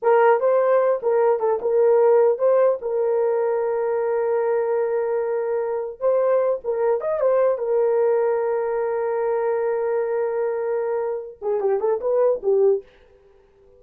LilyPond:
\new Staff \with { instrumentName = "horn" } { \time 4/4 \tempo 4 = 150 ais'4 c''4. ais'4 a'8 | ais'2 c''4 ais'4~ | ais'1~ | ais'2. c''4~ |
c''8 ais'4 dis''8 c''4 ais'4~ | ais'1~ | ais'1~ | ais'8 gis'8 g'8 a'8 b'4 g'4 | }